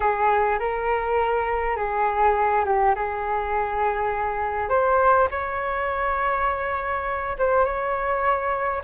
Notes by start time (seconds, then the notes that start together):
0.00 G#4
0.59 A#4
1.76 G#4
2.65 G4
2.95 G#4
4.69 C5
5.30 C#5
7.38 C5
7.64 C#5